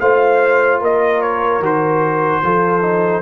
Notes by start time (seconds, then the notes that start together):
0.00 A3 F4 C5 F5
0.81 A#3 A#4 D#5
1.22 C#5
1.60 D#3 F#4 C5
2.44 F3 F4 A4
2.82 D#4